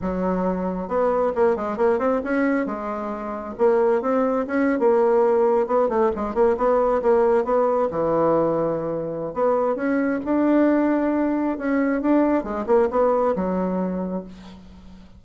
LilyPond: \new Staff \with { instrumentName = "bassoon" } { \time 4/4 \tempo 4 = 135 fis2 b4 ais8 gis8 | ais8 c'8 cis'4 gis2 | ais4 c'4 cis'8. ais4~ ais16~ | ais8. b8 a8 gis8 ais8 b4 ais16~ |
ais8. b4 e2~ e16~ | e4 b4 cis'4 d'4~ | d'2 cis'4 d'4 | gis8 ais8 b4 fis2 | }